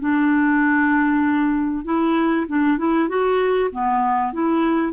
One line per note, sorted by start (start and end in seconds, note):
0.00 1.85 D4
1.85 2.47 E4
2.48 2.78 D4
2.78 3.09 E4
3.09 3.71 F#4
3.71 4.33 B3
4.33 4.93 E4